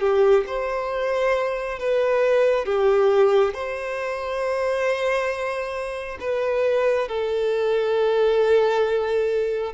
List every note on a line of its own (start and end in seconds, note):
0.00 0.44 G4
0.46 1.78 C5
1.79 2.66 B4
2.66 3.53 G4
3.53 6.18 C5
6.20 7.08 B4
7.08 9.73 A4